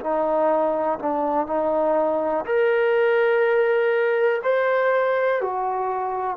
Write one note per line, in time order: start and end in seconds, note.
0.00 0.98 D#4
0.99 1.46 D4
1.46 2.45 D#4
2.45 4.42 A#4
4.43 5.41 C5
5.41 6.36 F#4